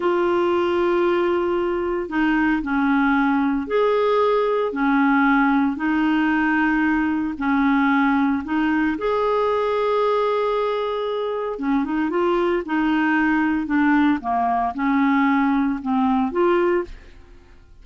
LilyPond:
\new Staff \with { instrumentName = "clarinet" } { \time 4/4 \tempo 4 = 114 f'1 | dis'4 cis'2 gis'4~ | gis'4 cis'2 dis'4~ | dis'2 cis'2 |
dis'4 gis'2.~ | gis'2 cis'8 dis'8 f'4 | dis'2 d'4 ais4 | cis'2 c'4 f'4 | }